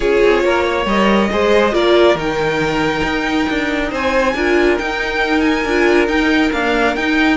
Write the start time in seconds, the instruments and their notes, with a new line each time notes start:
0.00 cello C#4, viola F4, violin G#4 C#5
0.23 cello C4
0.44 cello A#3, violin A#4
0.63 violin C#5
0.85 cello G3, viola A#4, violin D#5
1.31 cello G#3, viola G#4, violin C5
1.72 cello A#3, viola F4, violin A#4 D5
2.14 cello D#3, viola D#4, violin G5
3.03 cello D#4
3.49 cello D4
3.90 cello C4, violin C5 G#5
4.34 cello D4, viola F4, violin A#4
4.78 viola D#4, cello D#4, violin G5
5.40 violin G#5
5.64 cello D4, viola F4
6.07 cello D#4, viola D#4, violin G5
6.52 viola A#3, cello D4, violin F5
6.95 cello D#4, viola D#4, violin G5